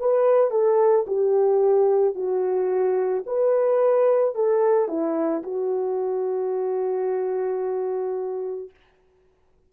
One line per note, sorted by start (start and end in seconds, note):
0.00 0.51 B4
0.51 1.05 A4
1.07 2.15 G4
2.15 3.24 F#4
3.26 4.35 B4
4.35 4.88 A4
4.88 5.42 E4
5.43 8.70 F#4